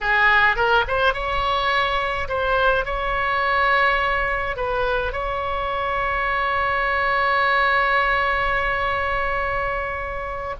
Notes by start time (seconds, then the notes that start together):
0.01 G#4
0.56 A#4
0.87 C5
1.13 C#5
2.28 C5
2.85 C#5
4.56 B4
5.12 C#5